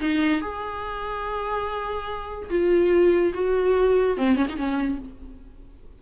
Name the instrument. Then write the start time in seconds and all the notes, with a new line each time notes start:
viola
0.00 D#4
0.41 G#4
2.50 F4
3.34 F#4
4.17 C4
4.36 C#4
4.49 D#4
4.57 C#4